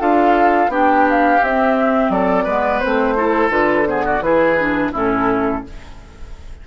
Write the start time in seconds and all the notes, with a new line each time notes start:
0.00 D4 F4 A4 F5
0.69 B3 D4 G4 G5
1.10 F5
1.43 C4 E5
2.10 F#3 A4 D5
2.44 G#3 B3 B4
2.79 C4 C5
2.86 A3
3.17 E4 A4
3.50 D3 F4 B4
3.87 B3 G#4 C5
4.05 F#4 D5
4.21 E3 E4 G#4 B4
4.59 D4
4.92 A2 C#4 E4 A4